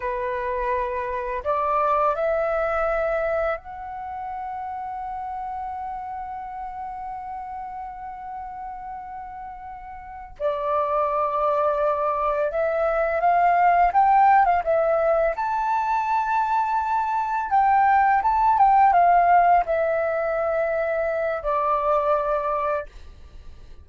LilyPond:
\new Staff \with { instrumentName = "flute" } { \time 4/4 \tempo 4 = 84 b'2 d''4 e''4~ | e''4 fis''2.~ | fis''1~ | fis''2~ fis''8 d''4.~ |
d''4. e''4 f''4 g''8~ | g''16 f''16 e''4 a''2~ a''8~ | a''8 g''4 a''8 g''8 f''4 e''8~ | e''2 d''2 | }